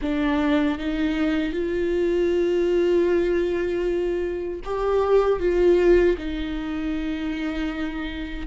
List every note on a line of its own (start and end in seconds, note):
0.01 0.78 D4
0.78 1.52 D#4
1.52 4.60 F4
4.64 5.39 G4
5.39 6.16 F4
6.17 8.47 D#4